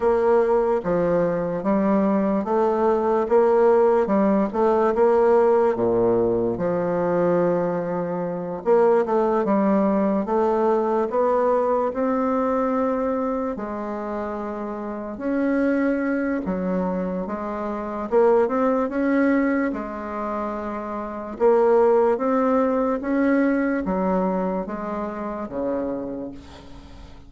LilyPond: \new Staff \with { instrumentName = "bassoon" } { \time 4/4 \tempo 4 = 73 ais4 f4 g4 a4 | ais4 g8 a8 ais4 ais,4 | f2~ f8 ais8 a8 g8~ | g8 a4 b4 c'4.~ |
c'8 gis2 cis'4. | fis4 gis4 ais8 c'8 cis'4 | gis2 ais4 c'4 | cis'4 fis4 gis4 cis4 | }